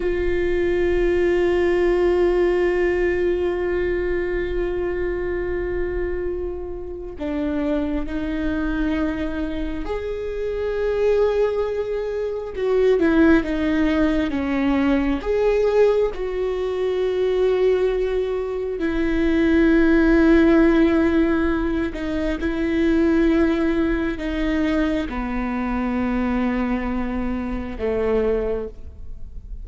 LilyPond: \new Staff \with { instrumentName = "viola" } { \time 4/4 \tempo 4 = 67 f'1~ | f'1 | d'4 dis'2 gis'4~ | gis'2 fis'8 e'8 dis'4 |
cis'4 gis'4 fis'2~ | fis'4 e'2.~ | e'8 dis'8 e'2 dis'4 | b2. a4 | }